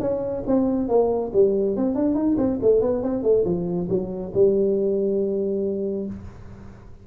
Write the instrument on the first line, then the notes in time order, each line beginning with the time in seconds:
tuba
0.00 C#4
0.47 C4
0.88 A#3
1.33 G3
1.76 C4
1.95 D4
2.15 D#4
2.37 C4
2.62 A3
2.81 B3
3.03 C4
3.23 A3
3.45 F3
3.89 F#3
4.34 G3